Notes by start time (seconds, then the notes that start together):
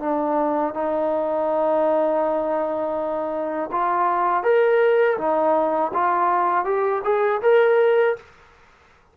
0.00 D4
0.74 D#4
3.72 F4
4.43 A#4
5.18 D#4
5.94 F4
6.65 G4
7.04 G#4
7.42 A#4